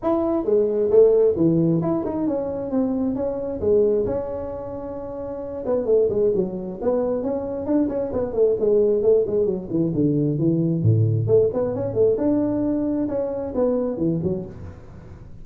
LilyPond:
\new Staff \with { instrumentName = "tuba" } { \time 4/4 \tempo 4 = 133 e'4 gis4 a4 e4 | e'8 dis'8 cis'4 c'4 cis'4 | gis4 cis'2.~ | cis'8 b8 a8 gis8 fis4 b4 |
cis'4 d'8 cis'8 b8 a8 gis4 | a8 gis8 fis8 e8 d4 e4 | a,4 a8 b8 cis'8 a8 d'4~ | d'4 cis'4 b4 e8 fis8 | }